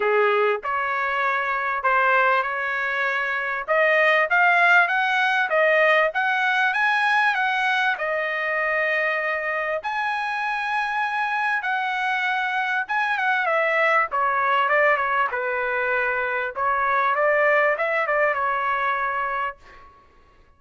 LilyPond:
\new Staff \with { instrumentName = "trumpet" } { \time 4/4 \tempo 4 = 98 gis'4 cis''2 c''4 | cis''2 dis''4 f''4 | fis''4 dis''4 fis''4 gis''4 | fis''4 dis''2. |
gis''2. fis''4~ | fis''4 gis''8 fis''8 e''4 cis''4 | d''8 cis''8 b'2 cis''4 | d''4 e''8 d''8 cis''2 | }